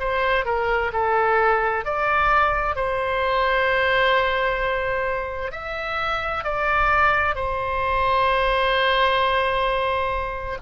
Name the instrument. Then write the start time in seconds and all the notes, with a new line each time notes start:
oboe
0.00 C5
0.46 A#4
0.93 A4
1.85 D5
2.76 C5
5.52 E5
6.44 D5
7.35 C5